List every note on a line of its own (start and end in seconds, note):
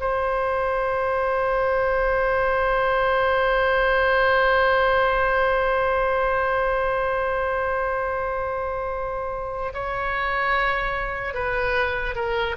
0.00 9.73 C5
9.74 11.34 C#5
11.34 12.15 B4
12.15 12.56 A#4